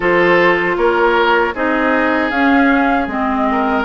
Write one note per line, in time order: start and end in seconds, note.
0.00 0.76 F3
0.00 1.53 F4
0.00 0.76 A4
0.00 0.77 C5
0.76 1.53 A#3
0.76 1.54 A#4
0.76 1.54 C#5
1.54 2.31 C4
1.54 2.32 D#4
1.54 3.46 G#4
1.54 2.30 D#5
2.30 3.07 C#4
2.30 3.08 C#4
2.30 3.07 F5
3.07 3.84 G#3
3.07 3.85 C4
3.07 3.84 D#5
3.51 3.85 A#4